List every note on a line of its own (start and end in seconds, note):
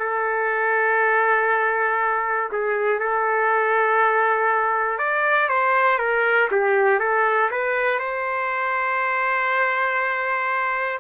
0.00 2.50 A4
2.53 3.00 G#4
3.00 4.99 A4
4.99 5.49 D5
5.49 5.99 C5
5.99 6.49 A#4
6.51 7.00 G4
7.00 7.50 A4
7.51 8.00 B4
8.00 11.00 C5